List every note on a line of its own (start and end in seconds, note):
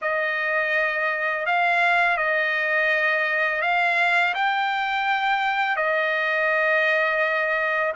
0.01 1.46 D#5
1.46 2.17 F5
2.17 3.61 D#5
3.61 4.34 F5
4.34 5.76 G5
5.76 7.93 D#5